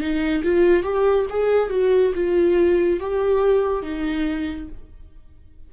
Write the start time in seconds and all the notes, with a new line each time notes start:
0.00 D#4
0.44 F4
0.83 G4
1.30 G#4
1.70 F#4
2.15 F4
3.00 G4
3.83 D#4